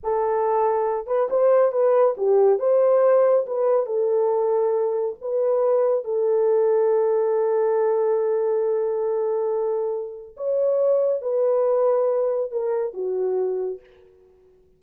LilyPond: \new Staff \with { instrumentName = "horn" } { \time 4/4 \tempo 4 = 139 a'2~ a'8 b'8 c''4 | b'4 g'4 c''2 | b'4 a'2. | b'2 a'2~ |
a'1~ | a'1 | cis''2 b'2~ | b'4 ais'4 fis'2 | }